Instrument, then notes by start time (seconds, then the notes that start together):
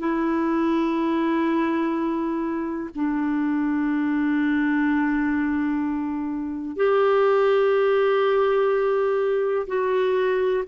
clarinet
0.00 E4
2.96 D4
6.77 G4
9.67 F#4